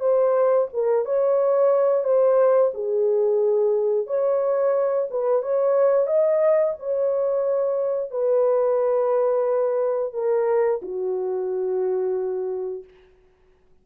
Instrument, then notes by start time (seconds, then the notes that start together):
horn
0.00 C5
0.73 A#4
1.05 C#5
2.04 C5
2.74 G#4
4.07 C#5
5.11 B4
5.42 C#5
6.07 D#5
6.79 C#5
8.11 B4
10.13 A#4
10.82 F#4